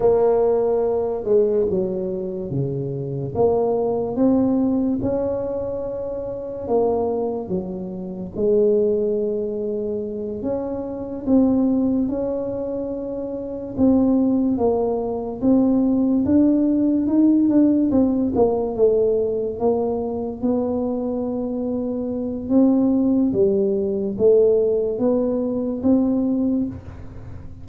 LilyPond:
\new Staff \with { instrumentName = "tuba" } { \time 4/4 \tempo 4 = 72 ais4. gis8 fis4 cis4 | ais4 c'4 cis'2 | ais4 fis4 gis2~ | gis8 cis'4 c'4 cis'4.~ |
cis'8 c'4 ais4 c'4 d'8~ | d'8 dis'8 d'8 c'8 ais8 a4 ais8~ | ais8 b2~ b8 c'4 | g4 a4 b4 c'4 | }